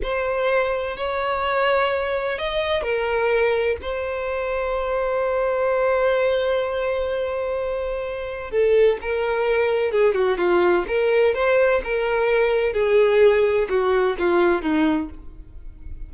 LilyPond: \new Staff \with { instrumentName = "violin" } { \time 4/4 \tempo 4 = 127 c''2 cis''2~ | cis''4 dis''4 ais'2 | c''1~ | c''1~ |
c''2 a'4 ais'4~ | ais'4 gis'8 fis'8 f'4 ais'4 | c''4 ais'2 gis'4~ | gis'4 fis'4 f'4 dis'4 | }